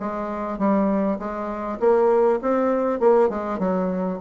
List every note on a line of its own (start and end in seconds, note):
0.00 0.59 G#3
0.59 1.19 G3
1.19 1.79 G#3
1.80 2.40 A#3
2.42 3.00 C4
3.00 3.30 A#3
3.30 3.59 G#3
3.59 4.19 F#3